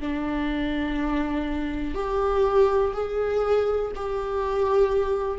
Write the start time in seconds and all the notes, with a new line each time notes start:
0.00 D4
1.94 G4
2.94 G#4
3.96 G4